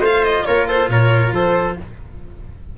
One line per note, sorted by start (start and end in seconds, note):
0.00 0.43 A3
0.00 1.77 F4
0.00 0.44 C5
0.00 0.25 F5
0.25 0.46 D#5
0.46 0.89 A#3
0.46 0.69 A#4
0.46 0.67 C#5
0.68 0.90 A4
0.68 0.90 C5
0.89 1.32 A#2
0.89 1.35 A#4
0.89 1.33 C#5
1.32 1.75 F3
1.32 1.78 A4
1.32 1.78 C5